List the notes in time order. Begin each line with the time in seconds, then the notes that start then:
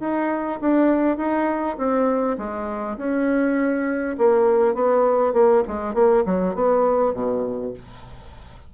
0.00 D#4
0.61 D4
1.17 D#4
1.78 C4
2.38 G#3
2.98 C#4
4.18 A#3
4.74 B3
5.33 A#3
5.67 G#3
5.94 A#3
6.26 F#3
6.55 B3
7.14 B2